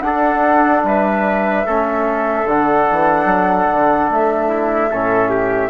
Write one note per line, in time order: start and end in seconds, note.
0.00 0.83 D4
0.00 1.66 D4
0.00 0.87 A4
0.00 0.81 F#5
0.83 1.65 G3
0.83 1.66 B4
0.83 2.48 E5
1.66 2.45 A3
1.66 2.47 C#4
1.66 4.49 A4
2.45 2.86 D3
2.45 4.91 D4
2.45 4.11 F#5
2.91 3.25 E3
3.25 3.66 F#3
3.71 4.10 D3
4.10 4.91 A3
4.10 5.70 E5
4.49 4.90 E4
4.91 5.70 A2
4.91 5.70 C#4
4.91 5.30 A4
5.30 5.70 G4